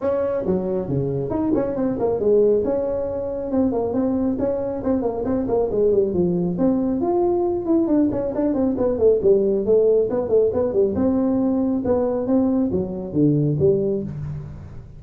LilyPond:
\new Staff \with { instrumentName = "tuba" } { \time 4/4 \tempo 4 = 137 cis'4 fis4 cis4 dis'8 cis'8 | c'8 ais8 gis4 cis'2 | c'8 ais8 c'4 cis'4 c'8 ais8 | c'8 ais8 gis8 g8 f4 c'4 |
f'4. e'8 d'8 cis'8 d'8 c'8 | b8 a8 g4 a4 b8 a8 | b8 g8 c'2 b4 | c'4 fis4 d4 g4 | }